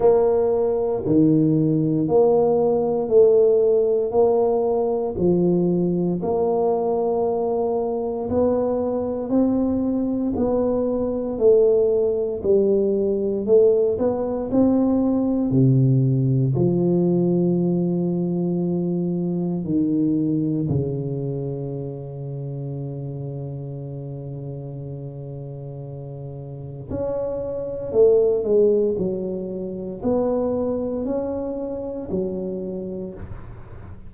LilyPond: \new Staff \with { instrumentName = "tuba" } { \time 4/4 \tempo 4 = 58 ais4 dis4 ais4 a4 | ais4 f4 ais2 | b4 c'4 b4 a4 | g4 a8 b8 c'4 c4 |
f2. dis4 | cis1~ | cis2 cis'4 a8 gis8 | fis4 b4 cis'4 fis4 | }